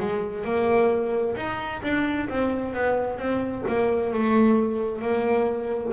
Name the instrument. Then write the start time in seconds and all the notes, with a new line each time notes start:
double bass
0.00 G#3
0.45 A#3
1.36 D#4
1.83 D4
2.29 C4
2.74 B3
3.19 C4
3.68 A#3
4.13 A3
5.02 A#3